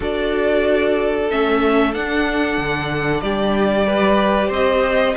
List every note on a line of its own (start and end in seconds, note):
0.00 1.28 D4
0.00 1.28 F#4
0.00 3.22 A4
0.00 1.30 D5
1.30 1.95 A3
1.30 1.93 C#4
1.30 1.94 E5
1.93 3.86 D4
1.93 2.57 D4
1.93 3.21 F#5
2.57 3.22 D3
3.21 4.50 G3
3.21 3.86 G4
3.21 4.50 D5
3.87 5.16 G4
3.87 4.48 B4
4.48 5.14 C4
4.48 5.12 C5
4.48 5.16 D#5